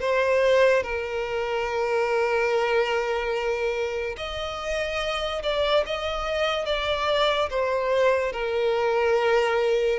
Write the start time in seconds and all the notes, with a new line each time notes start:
0.00 C5
0.83 A#4
4.17 D#5
5.42 D5
5.86 D#5
6.65 D5
7.50 C5
8.32 A#4